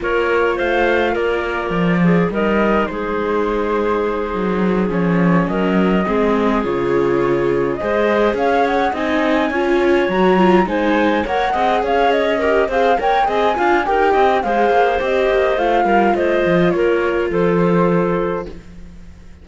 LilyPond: <<
  \new Staff \with { instrumentName = "flute" } { \time 4/4 \tempo 4 = 104 cis''4 f''4 d''2 | dis''4 c''2.~ | c''8 cis''4 dis''2 cis''8~ | cis''4. dis''4 f''8 fis''8 gis''8~ |
gis''4. ais''4 gis''4 fis''8~ | fis''8 f''8 dis''4 f''8 g''8 gis''4 | g''4 f''4 dis''4 f''4 | dis''4 cis''4 c''2 | }
  \new Staff \with { instrumentName = "clarinet" } { \time 4/4 ais'4 c''4 ais'4. gis'8 | ais'4 gis'2.~ | gis'4. ais'4 gis'4.~ | gis'4. c''4 cis''4 dis''8~ |
dis''8 cis''2 c''4 cis''8 | dis''8 cis''4 ais'8 c''8 cis''8 dis''8 f''8 | ais'8 dis''8 c''2~ c''8 ais'8 | c''4 ais'4 a'2 | }
  \new Staff \with { instrumentName = "viola" } { \time 4/4 f'1 | dis'1~ | dis'8 cis'2 c'4 f'8~ | f'4. gis'2 dis'8~ |
dis'8 f'4 fis'8 f'8 dis'4 ais'8 | gis'4. g'8 gis'8 ais'8 gis'8 f'8 | g'4 gis'4 g'4 f'4~ | f'1 | }
  \new Staff \with { instrumentName = "cello" } { \time 4/4 ais4 a4 ais4 f4 | g4 gis2~ gis8 fis8~ | fis8 f4 fis4 gis4 cis8~ | cis4. gis4 cis'4 c'8~ |
c'8 cis'4 fis4 gis4 ais8 | c'8 cis'4. c'8 ais8 c'8 d'8 | dis'8 c'8 gis8 ais8 c'8 ais8 a8 g8 | a8 f8 ais4 f2 | }
>>